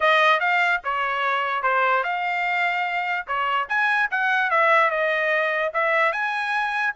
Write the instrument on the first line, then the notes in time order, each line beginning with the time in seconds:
trumpet
0.00 D#5
0.40 F5
0.83 C#5
1.63 C5
2.03 F5
3.27 C#5
3.68 G#5
4.10 F#5
4.50 E5
4.90 D#5
5.73 E5
6.12 G#5